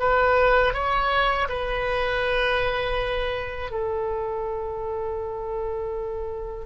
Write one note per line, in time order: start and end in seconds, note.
0.00 0.74 B4
0.74 1.48 C#5
1.49 3.71 B4
3.71 6.67 A4